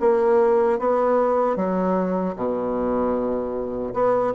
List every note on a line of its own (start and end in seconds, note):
0.00 0.79 A#3
0.79 1.56 B3
1.56 2.35 F#3
2.35 3.93 B2
3.93 4.33 B3